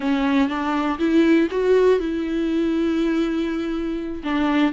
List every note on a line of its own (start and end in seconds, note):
0.00 0.48 C#4
0.48 0.98 D4
0.98 1.48 E4
1.51 1.99 F#4
1.99 4.22 E4
4.23 4.72 D4